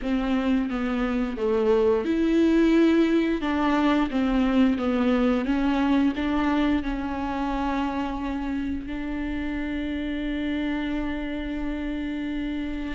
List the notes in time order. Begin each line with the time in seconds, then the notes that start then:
0.02 C4
0.69 B3
1.37 A3
2.05 E4
3.41 D4
4.10 C4
4.78 B3
5.45 C#4
6.15 D4
6.82 C#4
8.86 D4